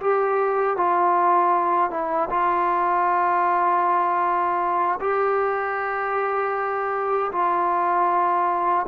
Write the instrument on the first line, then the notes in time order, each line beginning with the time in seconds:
trombone
0.00 G4
0.76 F4
1.90 E4
2.30 F4
5.00 G4
7.32 F4